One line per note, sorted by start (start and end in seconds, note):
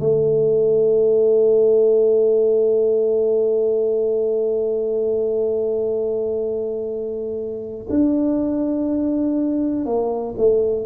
0.00 7.87 A3
7.90 9.86 D4
9.86 10.35 A#3
10.38 10.86 A3